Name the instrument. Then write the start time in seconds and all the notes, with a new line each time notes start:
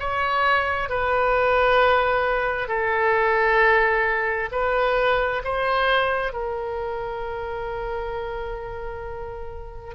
oboe
0.00 C#5
0.90 B4
2.68 A4
4.52 B4
5.44 C5
6.33 A#4